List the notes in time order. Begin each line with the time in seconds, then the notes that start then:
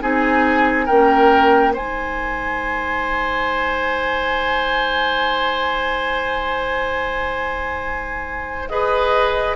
0.00 C4 D#4 G#4 G#5
0.85 A#3 C#4 A#4 G5
1.73 G#3 D#4 C5 G#5
8.68 G#4 B4 D#5